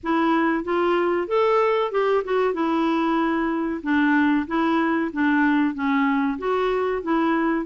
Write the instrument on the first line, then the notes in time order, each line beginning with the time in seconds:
clarinet
0.03 E4
0.64 F4
1.27 A4
1.91 G4
2.24 F#4
2.53 E4
3.82 D4
4.47 E4
5.12 D4
5.74 C#4
6.38 F#4
7.02 E4